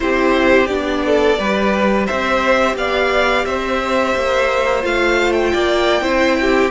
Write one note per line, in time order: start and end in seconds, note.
0.00 0.69 C4
0.00 0.68 E4
0.00 1.05 G4
0.00 0.66 C5
0.66 1.38 B3
0.66 1.37 D4
0.66 2.04 D5
1.05 1.39 A4
1.38 2.07 G3
1.38 4.81 G4
1.38 2.06 B4
2.06 2.75 C4
2.06 2.75 C5
2.06 2.75 E5
2.75 3.44 B3
2.75 3.46 D5
2.75 3.45 F5
3.45 4.14 C4
3.45 5.53 C5
3.45 4.83 E5
4.16 4.84 A#3
4.81 5.53 A3
4.81 6.01 F4
4.81 5.32 F5
5.32 6.70 G5
5.53 6.01 A#3
5.53 6.02 D5
6.01 6.70 C4
6.01 6.70 E4
6.01 6.36 C5
6.41 6.71 G4